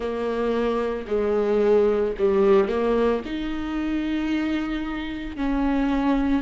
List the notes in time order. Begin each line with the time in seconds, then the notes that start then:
0.00 A#3
1.07 G#3
2.18 G3
2.68 A#3
3.25 D#4
5.36 C#4